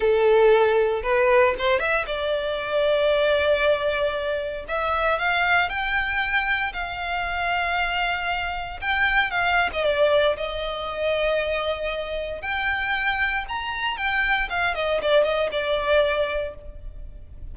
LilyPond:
\new Staff \with { instrumentName = "violin" } { \time 4/4 \tempo 4 = 116 a'2 b'4 c''8 e''8 | d''1~ | d''4 e''4 f''4 g''4~ | g''4 f''2.~ |
f''4 g''4 f''8. dis''16 d''4 | dis''1 | g''2 ais''4 g''4 | f''8 dis''8 d''8 dis''8 d''2 | }